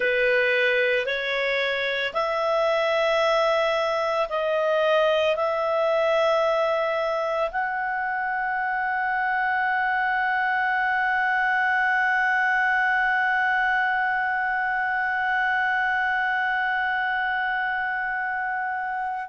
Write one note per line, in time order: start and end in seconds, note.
0.00 1.06 B4
1.06 2.13 C#5
2.13 4.28 E5
4.29 5.36 D#5
5.36 7.50 E5
7.51 19.29 F#5